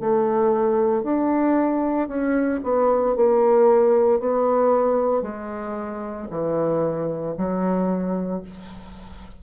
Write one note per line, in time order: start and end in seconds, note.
0.00 1.03 A3
1.03 2.08 D4
2.08 2.60 C#4
2.63 3.16 B3
3.16 4.20 A#3
4.20 5.22 B3
5.22 6.27 G#3
6.30 7.35 E3
7.37 8.42 F#3